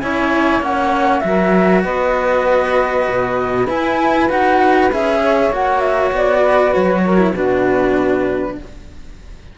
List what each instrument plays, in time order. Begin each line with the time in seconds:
0.00 cello C#4 E4, saxophone C#5, flute G#5
0.60 cello A#3 C#4, flute F#5
1.20 cello F#3 F#4, saxophone A#4, flute E5
1.84 cello B3, saxophone B4, flute D#5
3.08 cello B2
3.68 cello E4, flute G#5
4.29 cello D#4 F#4, flute F#5
4.92 cello C#4 G#4, flute E5
5.21 saxophone C#5
5.50 cello A#3 F#4, flute F#5
5.80 flute E5
6.13 cello B3, flute D5
6.41 saxophone B4
6.74 cello F#3, flute C#5
7.05 saxophone A#4
7.18 cello E4
7.33 cello B2 D4, saxophone F#4, flute B4